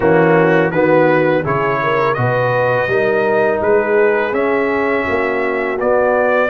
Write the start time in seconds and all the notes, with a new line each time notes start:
0.00 E3 A#3 C#4 F#4
0.71 D#3 B3 F#4 B4
1.42 C#3 E4 G#4 C#5
1.82 A#4
2.14 B2 F#4 B4 D#5
2.87 G3 D#4 A#4
3.61 G#3 G#4 B4
4.32 C#4 E5
5.03 A#3 F#4
5.79 B3 D5